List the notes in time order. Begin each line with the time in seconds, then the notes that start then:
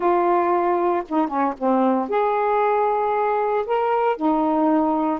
0.00 F4
1.08 D#4
1.27 C#4
1.58 C4
2.09 G#4
3.66 A#4
4.16 D#4